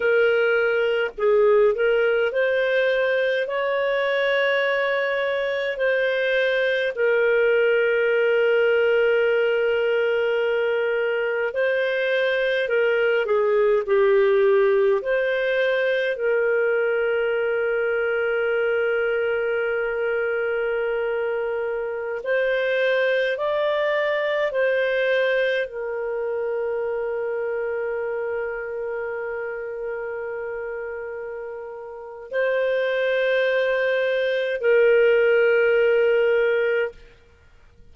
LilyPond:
\new Staff \with { instrumentName = "clarinet" } { \time 4/4 \tempo 4 = 52 ais'4 gis'8 ais'8 c''4 cis''4~ | cis''4 c''4 ais'2~ | ais'2 c''4 ais'8 gis'8 | g'4 c''4 ais'2~ |
ais'2.~ ais'16 c''8.~ | c''16 d''4 c''4 ais'4.~ ais'16~ | ais'1 | c''2 ais'2 | }